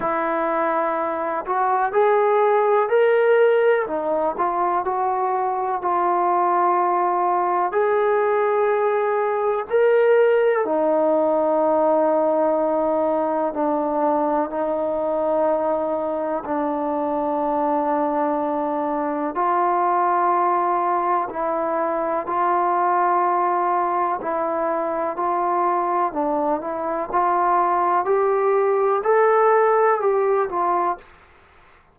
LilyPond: \new Staff \with { instrumentName = "trombone" } { \time 4/4 \tempo 4 = 62 e'4. fis'8 gis'4 ais'4 | dis'8 f'8 fis'4 f'2 | gis'2 ais'4 dis'4~ | dis'2 d'4 dis'4~ |
dis'4 d'2. | f'2 e'4 f'4~ | f'4 e'4 f'4 d'8 e'8 | f'4 g'4 a'4 g'8 f'8 | }